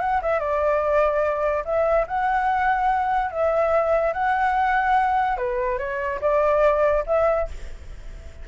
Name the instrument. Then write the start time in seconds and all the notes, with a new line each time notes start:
flute
0.00 F#5
0.22 E5
0.40 D5
1.65 E5
2.07 F#5
3.31 E5
4.13 F#5
5.37 B4
5.78 C#5
6.21 D5
7.07 E5